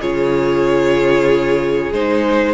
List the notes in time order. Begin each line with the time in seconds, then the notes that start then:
0.00 C#3 F4 G#4 C#5
1.92 G#3 D#4 C5